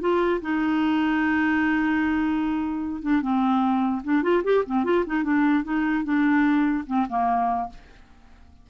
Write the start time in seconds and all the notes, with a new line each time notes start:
0.00 F4
0.41 D#4
3.02 D4
3.21 C4
4.03 D4
4.22 F4
4.43 G4
4.65 C4
4.84 F4
5.06 D#4
5.23 D4
5.64 D#4
6.04 D4
6.86 C4
7.09 A#3